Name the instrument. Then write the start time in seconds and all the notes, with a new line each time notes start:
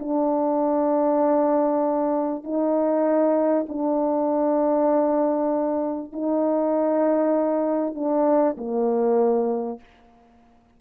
horn
0.00 D4
2.44 D#4
3.69 D4
6.13 D#4
7.95 D4
8.58 A#3